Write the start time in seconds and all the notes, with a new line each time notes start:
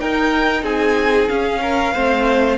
0.00 D#4 A#4 G5
0.63 C4 G#4 G#5
1.29 C#4 F5
1.62 A#4
1.94 A3 C4 C5